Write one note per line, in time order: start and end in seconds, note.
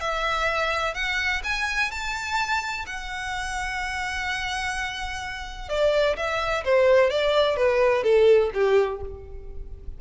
0.00 0.94 E5
0.94 1.41 F#5
1.43 1.91 G#5
1.91 2.85 A5
2.86 5.69 F#5
5.69 6.16 D5
6.16 6.64 E5
6.64 7.10 C5
7.10 7.56 D5
7.56 8.03 B4
8.03 8.50 A4
8.54 9.01 G4